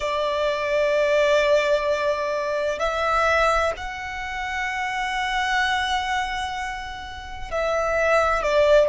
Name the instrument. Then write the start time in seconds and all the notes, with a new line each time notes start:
violin
0.00 D5
2.79 E5
3.77 F#5
7.51 E5
8.42 D5